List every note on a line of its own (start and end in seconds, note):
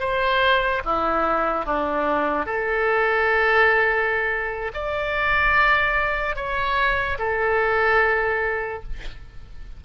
0.00 0.82 C5
0.85 1.66 E4
1.66 2.46 D4
2.46 4.72 A4
4.74 6.36 D5
6.36 7.18 C#5
7.18 8.83 A4